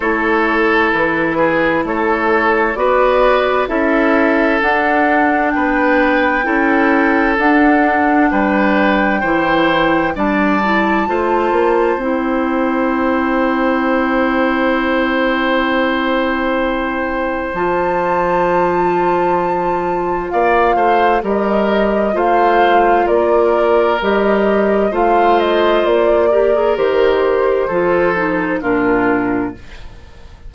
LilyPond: <<
  \new Staff \with { instrumentName = "flute" } { \time 4/4 \tempo 4 = 65 cis''4 b'4 cis''4 d''4 | e''4 fis''4 g''2 | fis''4 g''2 a''4~ | a''4 g''2.~ |
g''2. a''4~ | a''2 f''4 dis''4 | f''4 d''4 dis''4 f''8 dis''8 | d''4 c''2 ais'4 | }
  \new Staff \with { instrumentName = "oboe" } { \time 4/4 a'4. gis'8 a'4 b'4 | a'2 b'4 a'4~ | a'4 b'4 c''4 d''4 | c''1~ |
c''1~ | c''2 d''8 c''8 ais'4 | c''4 ais'2 c''4~ | c''8 ais'4. a'4 f'4 | }
  \new Staff \with { instrumentName = "clarinet" } { \time 4/4 e'2. fis'4 | e'4 d'2 e'4 | d'2 e'4 d'8 e'8 | f'4 e'2.~ |
e'2. f'4~ | f'2. g'4 | f'2 g'4 f'4~ | f'8 g'16 gis'16 g'4 f'8 dis'8 d'4 | }
  \new Staff \with { instrumentName = "bassoon" } { \time 4/4 a4 e4 a4 b4 | cis'4 d'4 b4 cis'4 | d'4 g4 e4 g4 | a8 ais8 c'2.~ |
c'2. f4~ | f2 ais8 a8 g4 | a4 ais4 g4 a4 | ais4 dis4 f4 ais,4 | }
>>